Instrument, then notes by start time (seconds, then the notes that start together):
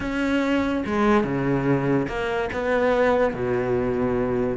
cello
0.00 C#4
0.85 G#3
1.23 C#3
2.07 A#3
2.52 B3
3.34 B2